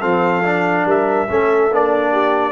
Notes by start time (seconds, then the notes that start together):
0.00 F3 C4 A4 F5
0.44 D4
0.85 G3 A#4 E5
1.29 A3 C#4 A4
1.71 A#3 D4 D5
2.12 G4